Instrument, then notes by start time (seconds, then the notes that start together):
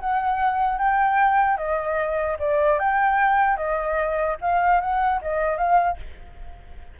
flute
0.00 F#5
0.79 G5
1.57 D#5
2.39 D5
2.79 G5
3.57 D#5
4.41 F5
4.81 F#5
5.22 D#5
5.58 F5